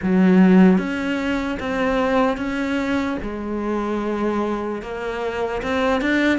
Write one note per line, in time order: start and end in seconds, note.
0.02 0.77 F#3
0.77 1.57 C#4
1.59 2.37 C4
2.37 3.17 C#4
3.22 4.81 G#3
4.81 5.61 A#3
5.62 6.01 C4
6.01 6.38 D4